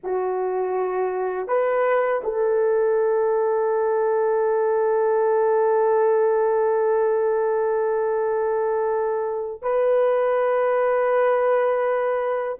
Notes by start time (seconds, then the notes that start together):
0.03 F#4
1.47 B4
2.23 A4
9.61 B4